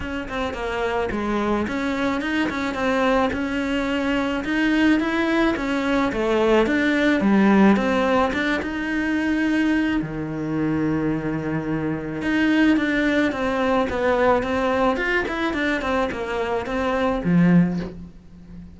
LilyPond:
\new Staff \with { instrumentName = "cello" } { \time 4/4 \tempo 4 = 108 cis'8 c'8 ais4 gis4 cis'4 | dis'8 cis'8 c'4 cis'2 | dis'4 e'4 cis'4 a4 | d'4 g4 c'4 d'8 dis'8~ |
dis'2 dis2~ | dis2 dis'4 d'4 | c'4 b4 c'4 f'8 e'8 | d'8 c'8 ais4 c'4 f4 | }